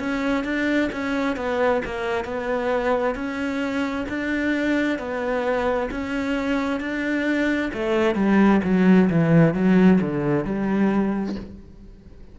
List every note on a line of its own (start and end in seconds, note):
0.00 0.45 C#4
0.45 0.90 D4
0.93 1.37 C#4
1.37 1.82 B3
1.86 2.25 A#3
2.25 3.15 B3
3.15 4.06 C#4
4.09 4.99 D4
4.99 5.90 B3
5.91 6.80 C#4
6.80 7.71 D4
7.74 8.15 A3
8.15 8.61 G3
8.64 9.10 F#3
9.10 9.55 E3
9.55 10.00 F#3
10.01 10.45 D3
10.45 11.36 G3